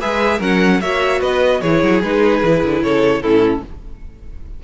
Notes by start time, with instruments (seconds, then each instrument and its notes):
0.00 cello G#3, viola G#4, violin B4 E5
0.38 cello F#3, viola C#4, violin A#4 F#5
0.81 cello A#3, viola F#4, violin C#5 E5
1.21 cello B3, violin B4 D#5
1.61 cello E3, viola E4, violin G#4 C#5
1.83 cello F#3
2.03 cello G#3, viola D#4, violin B4
2.43 cello E3, viola E4
2.64 cello D3
2.83 cello C#3, violin A4 C#5
3.22 cello A2, viola C#4, violin E4 A4